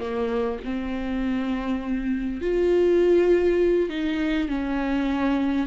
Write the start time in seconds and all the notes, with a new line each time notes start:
0.00 A#3
0.64 C4
2.41 F4
3.90 D#4
4.48 C#4